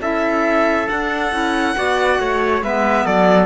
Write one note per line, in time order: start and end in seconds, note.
0.00 0.87 C#4
0.00 0.86 E4
0.00 1.75 A4
0.00 0.88 E5
0.86 1.30 D4
0.86 1.31 D4
0.86 2.62 F#5
1.31 1.75 C#4
1.31 1.75 E4
1.75 2.18 B3
1.75 2.62 F#4
1.75 2.19 D5
2.18 2.62 A3
2.18 2.63 C#5
2.62 3.05 G#3
2.62 3.45 B3
2.62 3.05 B4
2.62 3.06 E5
3.05 3.45 F#3
3.05 3.45 A4
3.05 3.45 D5